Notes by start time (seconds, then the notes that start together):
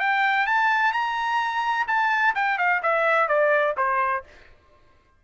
0.00 G5
0.47 A5
0.93 A#5
1.88 A5
2.35 G5
2.58 F5
2.83 E5
3.29 D5
3.77 C5